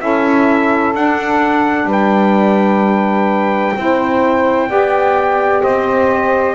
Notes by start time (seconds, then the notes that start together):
0.00 C#4 E4 A4 E5
0.95 D4 F#5
1.85 G3 B4
1.92 G5
3.77 C4 E4 C5
4.69 B3 G4 D5
5.62 C4 C5 D#5